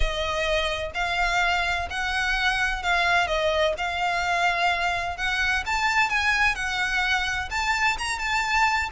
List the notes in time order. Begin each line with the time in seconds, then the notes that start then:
0.00 D#5
0.94 F5
1.90 F#5
2.83 F5
3.27 D#5
3.77 F5
5.17 F#5
5.65 A5
6.09 G#5
6.55 F#5
7.50 A5
7.98 A#5
8.18 A5